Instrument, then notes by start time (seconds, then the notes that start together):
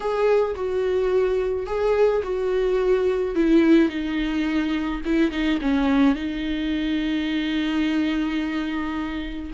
viola
0.00 G#4
0.55 F#4
1.66 G#4
2.23 F#4
3.35 E4
3.89 D#4
5.05 E4
5.31 D#4
5.61 C#4
6.15 D#4